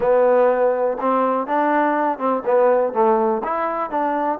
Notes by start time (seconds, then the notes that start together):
0.00 B3
1.00 C4
1.46 D4
2.18 C4
2.45 B3
2.93 A3
3.44 E4
3.90 D4